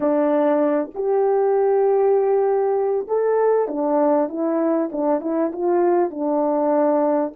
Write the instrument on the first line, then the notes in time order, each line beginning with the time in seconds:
horn
0.00 D4
0.94 G4
3.07 A4
3.68 D4
4.29 E4
4.91 D4
5.20 E4
5.52 F4
6.10 D4